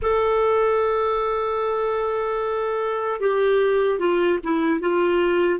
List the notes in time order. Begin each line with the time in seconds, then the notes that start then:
0.01 A4
3.20 G4
3.99 F4
4.43 E4
4.80 F4